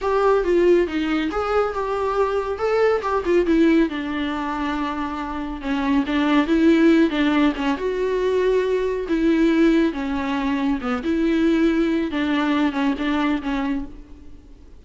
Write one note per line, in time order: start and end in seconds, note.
0.01 0.44 G4
0.44 0.87 F4
0.87 1.30 D#4
1.31 1.73 G#4
1.73 2.58 G4
2.58 3.01 A4
3.02 3.23 G4
3.25 3.46 F4
3.46 3.89 E4
3.89 5.61 D4
5.61 6.04 C#4
6.06 6.46 D4
6.46 7.09 E4
7.09 7.53 D4
7.55 7.77 C#4
7.77 9.06 F#4
9.08 9.92 E4
9.92 10.79 C#4
10.81 11.02 B3
11.03 12.11 E4
12.11 12.72 D4
12.72 12.93 C#4
12.98 13.41 D4
13.41 13.85 C#4